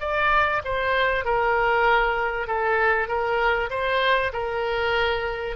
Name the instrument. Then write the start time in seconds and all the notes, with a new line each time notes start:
oboe
0.00 D5
0.64 C5
1.25 A#4
2.47 A4
3.08 A#4
3.70 C5
4.33 A#4